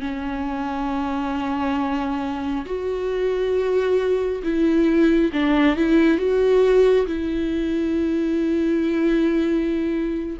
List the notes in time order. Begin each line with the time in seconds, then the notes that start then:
0.00 C#4
2.66 F#4
4.43 E4
5.32 D4
5.76 E4
6.18 F#4
7.06 E4